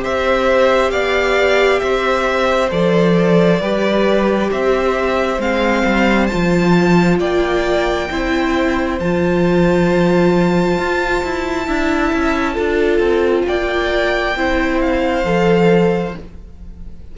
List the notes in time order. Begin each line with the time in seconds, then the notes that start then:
0.00 C4 G4 C5 E5
0.91 B3 D5 F5
1.80 C4 C5 E5
2.71 F3 A4 D5
3.61 G3 G4 B4
4.52 C4 C5 E5
5.39 G#3 C4 F5
5.85 G3
6.27 F4 A5
6.34 F3
7.19 A#3 D5 G5
8.11 C4 E4 C5
9.00 F3 F4 A5
10.79 F4
11.24 E4
11.67 D4 E4 E5
12.13 C#4
12.53 D4 F4 A4
13.00 C4
13.47 A#3 D5 G5
14.36 C4 E4 C5
14.82 F5
15.25 F3 A4